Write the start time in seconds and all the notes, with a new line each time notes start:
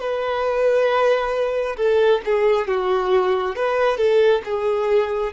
0.00 B4
1.77 A4
2.25 G#4
2.67 F#4
3.55 B4
3.97 A4
4.44 G#4